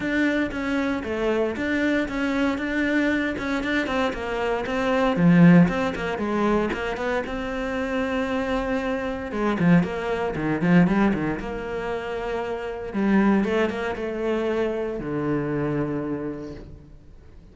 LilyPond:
\new Staff \with { instrumentName = "cello" } { \time 4/4 \tempo 4 = 116 d'4 cis'4 a4 d'4 | cis'4 d'4. cis'8 d'8 c'8 | ais4 c'4 f4 c'8 ais8 | gis4 ais8 b8 c'2~ |
c'2 gis8 f8 ais4 | dis8 f8 g8 dis8 ais2~ | ais4 g4 a8 ais8 a4~ | a4 d2. | }